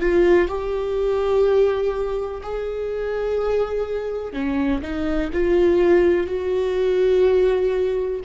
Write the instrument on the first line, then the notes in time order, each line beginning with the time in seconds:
viola
0.00 F4
0.48 G4
2.42 G#4
4.33 C#4
4.82 D#4
5.33 F4
6.27 F#4